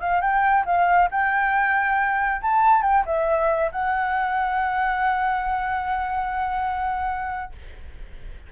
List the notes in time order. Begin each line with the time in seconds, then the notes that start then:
0.00 F5
0.21 G5
0.65 F5
1.11 G5
2.42 A5
2.82 G5
3.06 E5
3.72 F#5